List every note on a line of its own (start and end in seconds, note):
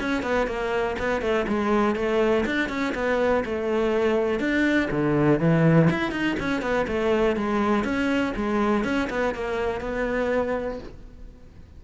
0.00 0.22 C#4
0.22 0.47 B3
0.47 0.96 A#3
0.99 1.21 B3
1.21 1.46 A3
1.48 1.95 G#3
1.95 2.44 A3
2.45 2.68 D4
2.68 2.93 C#4
2.94 3.43 B3
3.45 4.39 A3
4.39 4.89 D4
4.91 5.39 D3
5.39 5.89 E3
5.90 6.11 E4
6.11 6.36 D#4
6.39 6.61 C#4
6.61 6.86 B3
6.87 7.36 A3
7.36 7.84 G#3
7.84 8.33 C#4
8.36 8.84 G#3
8.84 9.08 C#4
9.10 9.34 B3
9.34 9.80 A#3
9.80 10.79 B3